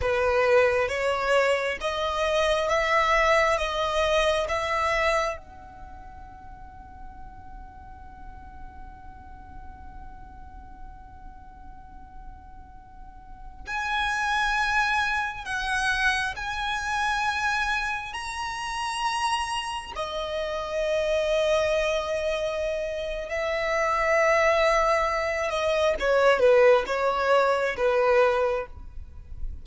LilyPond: \new Staff \with { instrumentName = "violin" } { \time 4/4 \tempo 4 = 67 b'4 cis''4 dis''4 e''4 | dis''4 e''4 fis''2~ | fis''1~ | fis''2.~ fis''16 gis''8.~ |
gis''4~ gis''16 fis''4 gis''4.~ gis''16~ | gis''16 ais''2 dis''4.~ dis''16~ | dis''2 e''2~ | e''8 dis''8 cis''8 b'8 cis''4 b'4 | }